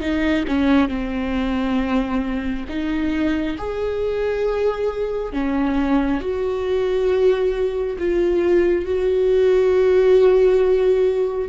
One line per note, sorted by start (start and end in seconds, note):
0.00 0.44 D#4
0.47 0.89 C#4
0.89 2.65 C4
2.68 3.57 D#4
3.57 5.32 G#4
5.32 6.20 C#4
6.20 7.97 F#4
7.98 8.85 F4
8.85 11.49 F#4